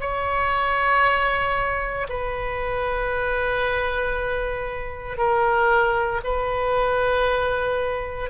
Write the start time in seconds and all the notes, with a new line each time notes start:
0.00 C#5
2.09 B4
5.17 A#4
6.24 B4